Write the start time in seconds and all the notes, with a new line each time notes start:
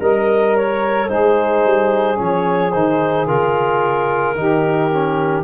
0.00 G3 A#4 D#5
0.56 C#5
1.08 G#3 D#4 G#4 C5
1.65 G3
2.16 F3 C#4 C#5
2.71 D#3 D#4 C5
3.27 C#3 F4 A#4
4.35 D#3 D#4 G4
4.91 C#4